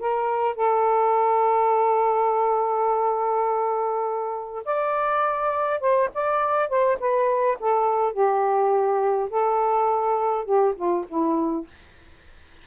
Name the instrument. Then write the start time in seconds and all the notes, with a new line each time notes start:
saxophone
0.00 A#4
0.56 A4
4.65 D5
5.81 C5
6.15 D5
6.69 C5
7.00 B4
7.60 A4
8.13 G4
9.31 A4
10.46 G4
10.76 F4
11.09 E4